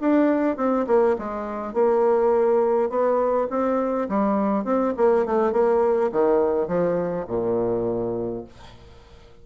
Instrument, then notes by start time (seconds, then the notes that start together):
bassoon
0.00 D4
0.56 C4
0.87 A#3
1.18 G#3
1.73 A#3
2.89 B3
3.50 C4
4.09 G3
4.64 C4
4.96 A#3
5.25 A3
5.52 A#3
6.12 D#3
6.67 F3
7.27 A#2